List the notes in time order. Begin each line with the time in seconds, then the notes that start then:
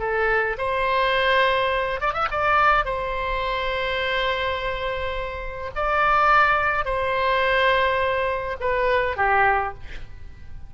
0.00 A4
0.58 C5
2.01 D5
2.14 E5
2.31 D5
2.85 C5
5.76 D5
6.85 C5
8.61 B4
9.17 G4